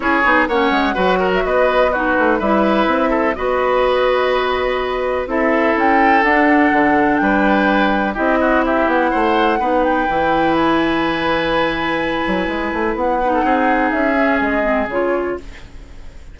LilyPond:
<<
  \new Staff \with { instrumentName = "flute" } { \time 4/4 \tempo 4 = 125 cis''4 fis''4.~ fis''16 e''16 dis''4 | b'4 e''2 dis''4~ | dis''2. e''4 | g''4 fis''2 g''4~ |
g''4 dis''4 e''8 fis''4.~ | fis''8 g''4. gis''2~ | gis''2. fis''4~ | fis''4 e''4 dis''4 cis''4 | }
  \new Staff \with { instrumentName = "oboe" } { \time 4/4 gis'4 cis''4 b'8 ais'8 b'4 | fis'4 b'4. a'8 b'4~ | b'2. a'4~ | a'2. b'4~ |
b'4 g'8 fis'8 g'4 c''4 | b'1~ | b'2.~ b'8. a'16 | gis'1 | }
  \new Staff \with { instrumentName = "clarinet" } { \time 4/4 e'8 dis'8 cis'4 fis'2 | dis'4 e'2 fis'4~ | fis'2. e'4~ | e'4 d'2.~ |
d'4 e'2. | dis'4 e'2.~ | e'2.~ e'8 dis'8~ | dis'4. cis'4 c'8 f'4 | }
  \new Staff \with { instrumentName = "bassoon" } { \time 4/4 cis'8 b8 ais8 gis8 fis4 b4~ | b8 a8 g4 c'4 b4~ | b2. c'4 | cis'4 d'4 d4 g4~ |
g4 c'4. b8 a4 | b4 e2.~ | e4. fis8 gis8 a8 b4 | c'4 cis'4 gis4 cis4 | }
>>